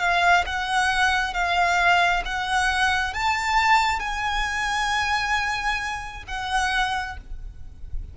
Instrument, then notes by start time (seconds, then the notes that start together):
violin
0.00 F5
0.46 F#5
1.34 F5
2.26 F#5
3.14 A5
4.00 G#5
6.28 F#5